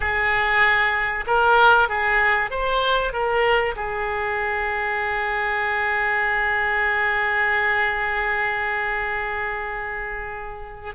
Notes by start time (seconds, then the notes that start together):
0.00 G#4
1.26 A#4
1.88 G#4
2.50 C5
3.12 A#4
3.76 G#4